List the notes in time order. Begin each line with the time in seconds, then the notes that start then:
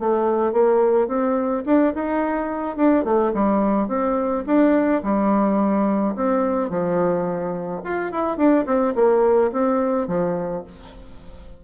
0.00 A3
0.53 A#3
1.08 C4
1.66 D4
1.95 D#4
2.77 D4
3.05 A3
3.34 G3
3.88 C4
4.47 D4
5.04 G3
6.16 C4
6.70 F3
7.84 F4
8.12 E4
8.38 D4
8.66 C4
8.95 A#3
9.52 C4
10.08 F3